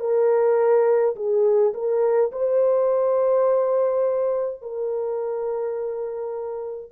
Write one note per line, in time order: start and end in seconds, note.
0.00 1.15 A#4
1.16 1.74 G#4
1.74 2.31 A#4
2.32 4.62 C5
4.62 6.92 A#4